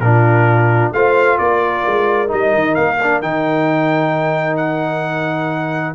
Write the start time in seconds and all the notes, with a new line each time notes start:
0.00 A#2 D4 F4 A#4
0.92 A3 F4 C5 F5
1.38 A#3 A#4 D5
1.86 G#3
2.27 G3 D#4 D#5
2.54 D#3
2.75 A#3 F5
3.03 D4
3.22 D#3 D#4 G5
4.57 F#5